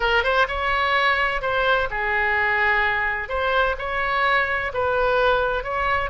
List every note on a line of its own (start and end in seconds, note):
0.00 0.23 A#4
0.23 0.47 C5
0.48 1.41 C#5
1.41 1.88 C5
1.90 3.29 G#4
3.29 3.75 C5
3.78 4.72 C#5
4.73 5.63 B4
5.63 6.10 C#5